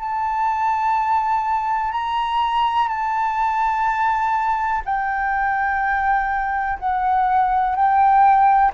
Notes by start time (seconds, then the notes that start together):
0.00 A5
1.92 A#5
2.89 A5
4.85 G5
6.79 F#5
7.76 G5